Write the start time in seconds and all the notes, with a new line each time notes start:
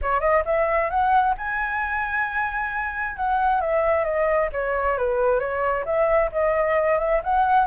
0.01 C#5
0.20 D#5
0.45 E5
0.89 F#5
1.37 G#5
3.16 F#5
3.60 E5
4.04 D#5
4.52 C#5
4.97 B4
5.39 C#5
5.85 E5
6.32 D#5
6.98 E5
7.23 F#5